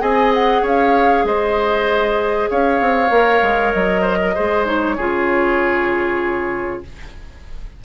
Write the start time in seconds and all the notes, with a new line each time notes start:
0.00 C4 G#4 D#5 G#5
0.34 F#5
0.62 C#4 C#5 F5
1.24 G#3 C5 D#5
2.50 C#4 C#5 F5
2.81 C4
3.10 A#3 A#4
3.42 G#3
3.73 F#3 D#5
4.01 C5
4.22 A#4
4.35 G#3 G#4 C5
4.65 D#4 C#5
4.96 C#3 F4 G#4